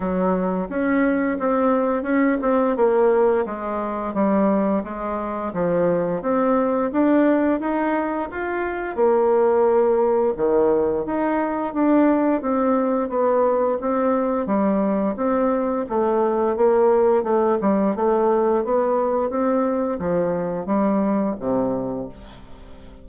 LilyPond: \new Staff \with { instrumentName = "bassoon" } { \time 4/4 \tempo 4 = 87 fis4 cis'4 c'4 cis'8 c'8 | ais4 gis4 g4 gis4 | f4 c'4 d'4 dis'4 | f'4 ais2 dis4 |
dis'4 d'4 c'4 b4 | c'4 g4 c'4 a4 | ais4 a8 g8 a4 b4 | c'4 f4 g4 c4 | }